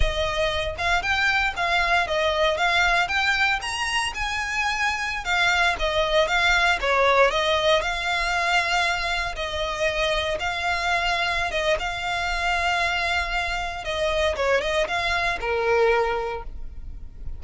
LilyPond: \new Staff \with { instrumentName = "violin" } { \time 4/4 \tempo 4 = 117 dis''4. f''8 g''4 f''4 | dis''4 f''4 g''4 ais''4 | gis''2~ gis''16 f''4 dis''8.~ | dis''16 f''4 cis''4 dis''4 f''8.~ |
f''2~ f''16 dis''4.~ dis''16~ | dis''16 f''2~ f''16 dis''8 f''4~ | f''2. dis''4 | cis''8 dis''8 f''4 ais'2 | }